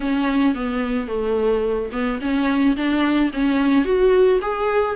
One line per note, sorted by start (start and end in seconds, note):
0.00 0.55 C#4
0.55 1.07 B3
1.07 1.90 A3
1.92 2.19 B3
2.21 2.76 C#4
2.76 3.31 D4
3.33 3.84 C#4
3.84 4.39 F#4
4.41 4.95 G#4